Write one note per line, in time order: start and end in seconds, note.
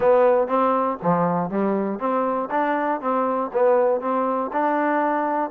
0.00 0.47 B3
0.47 0.97 C4
1.02 1.50 F3
1.50 1.99 G3
1.99 2.49 C4
2.50 3.00 D4
3.00 3.50 C4
3.53 4.00 B3
4.00 4.50 C4
4.52 5.50 D4